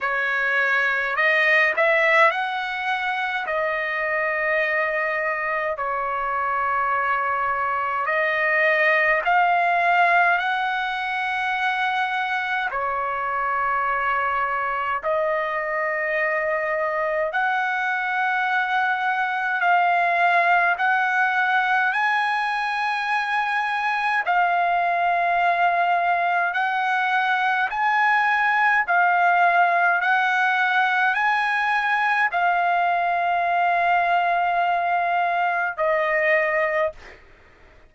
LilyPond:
\new Staff \with { instrumentName = "trumpet" } { \time 4/4 \tempo 4 = 52 cis''4 dis''8 e''8 fis''4 dis''4~ | dis''4 cis''2 dis''4 | f''4 fis''2 cis''4~ | cis''4 dis''2 fis''4~ |
fis''4 f''4 fis''4 gis''4~ | gis''4 f''2 fis''4 | gis''4 f''4 fis''4 gis''4 | f''2. dis''4 | }